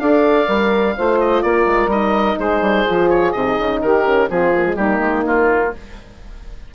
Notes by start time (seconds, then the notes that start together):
0.00 D4 A4 D5 F5
0.48 G3 A#4
0.97 A3 F4 C5
1.21 D#5
1.43 A#3 A#4 D5
1.66 G#3
1.87 G3 D#4 D#5
2.38 G#3 G#4 C5
2.62 G3
2.87 F3 F4
3.10 C#5
3.33 C3 D#4 D#5
3.60 C#3
3.82 D#3 G4 A#4
4.05 C#4
4.29 F3 C4 F4 G#4
4.55 A#3
4.66 G#3
4.76 G3 A#3 D#4 G4
5.00 G#3
5.26 A#3 F4